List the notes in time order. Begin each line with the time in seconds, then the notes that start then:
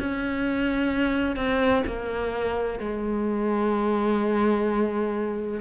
0.00 C#4
1.36 C4
1.87 A#3
2.80 G#3